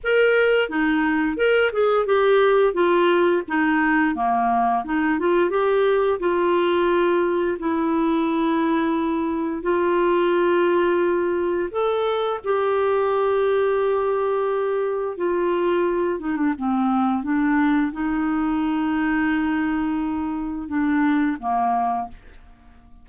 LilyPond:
\new Staff \with { instrumentName = "clarinet" } { \time 4/4 \tempo 4 = 87 ais'4 dis'4 ais'8 gis'8 g'4 | f'4 dis'4 ais4 dis'8 f'8 | g'4 f'2 e'4~ | e'2 f'2~ |
f'4 a'4 g'2~ | g'2 f'4. dis'16 d'16 | c'4 d'4 dis'2~ | dis'2 d'4 ais4 | }